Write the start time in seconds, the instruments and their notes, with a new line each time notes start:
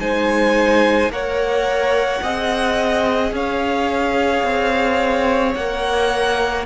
0.00 cello G#3, viola D#4, violin C5 G#5
1.09 cello A#3, viola A#4, violin C#5 F#5
2.23 cello C4, viola G#4, violin D#5
3.32 cello C#4, violin C#5 F5
4.44 cello C4
5.55 cello A#3, viola A#4, violin F#5